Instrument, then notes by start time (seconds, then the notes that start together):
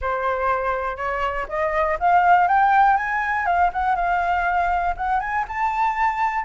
flute
0.01 C5
0.97 C#5
1.48 D#5
1.99 F5
2.47 G5
2.96 G#5
3.46 F5
3.72 F#5
3.95 F5
4.97 F#5
5.20 G#5
5.48 A5